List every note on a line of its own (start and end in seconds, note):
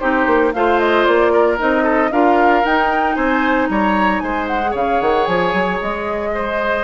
0.00 0.27 C4
0.00 0.54 D#4
0.00 0.53 G4
0.00 0.53 C5
0.27 0.53 A#3
0.54 1.07 A3
0.54 1.58 F4
0.54 1.33 C5
0.54 0.80 F5
0.80 1.05 D#5
1.05 1.60 A#3
1.05 1.58 D5
1.33 1.84 A#4
1.58 2.12 C4
1.58 2.11 D#4
1.58 2.12 D#5
1.84 2.10 A4
2.12 2.64 D4
2.12 2.65 F4
2.12 3.16 A#4
2.12 2.65 F5
2.65 3.17 D#4
2.65 4.62 D#4
2.65 3.16 G5
3.16 3.70 C4
3.16 3.69 C5
3.16 3.68 G#5
3.70 4.22 G3
3.70 4.23 C#5
3.70 4.20 A#5
4.20 4.75 G#3
4.20 4.71 C5
4.20 4.46 G#5
4.48 4.74 F#5
4.62 6.84 G#4
4.71 5.01 C#3
4.71 6.29 C#5
4.71 5.01 F5
5.01 5.28 D#3
5.01 5.26 F#5
5.26 5.54 F3
5.26 5.79 G#5
5.54 5.80 F#3
5.82 6.84 G#3
5.82 6.84 D#5
6.35 6.84 C5